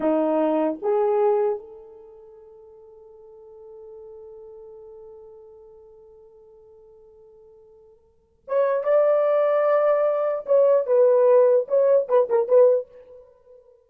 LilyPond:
\new Staff \with { instrumentName = "horn" } { \time 4/4 \tempo 4 = 149 dis'2 gis'2 | a'1~ | a'1~ | a'1~ |
a'1~ | a'4 cis''4 d''2~ | d''2 cis''4 b'4~ | b'4 cis''4 b'8 ais'8 b'4 | }